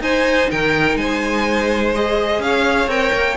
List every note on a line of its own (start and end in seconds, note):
0.00 0.48 D#4
0.00 1.95 D#4
0.00 0.50 C5
0.00 0.51 G#5
0.50 0.96 D#3
0.50 0.98 A#4
0.50 0.97 G5
0.96 2.39 G#3
0.96 2.43 C5
0.96 1.93 G#5
1.95 2.89 G#4
1.95 2.42 D#5
2.39 2.87 C#4
2.39 3.37 C#5
2.39 2.90 F5
2.87 3.11 C4
2.87 3.37 A#4
2.87 3.37 G5
3.13 3.37 A#3